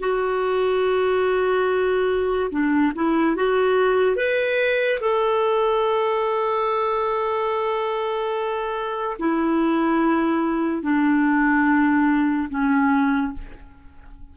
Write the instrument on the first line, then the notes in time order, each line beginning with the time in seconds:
clarinet
0.00 F#4
2.50 D4
2.95 E4
3.36 F#4
4.16 B4
5.00 A4
9.19 E4
10.82 D4
12.49 C#4